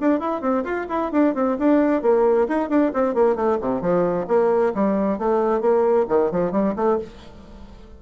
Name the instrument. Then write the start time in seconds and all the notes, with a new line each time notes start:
bassoon
0.00 D4
0.19 E4
0.41 C4
0.64 F4
0.89 E4
1.11 D4
1.34 C4
1.59 D4
2.02 A#3
2.48 D#4
2.69 D4
2.93 C4
3.14 A#3
3.35 A3
3.60 C3
3.81 F3
4.27 A#3
4.74 G3
5.18 A3
5.60 A#3
6.08 D#3
6.31 F3
6.51 G3
6.75 A3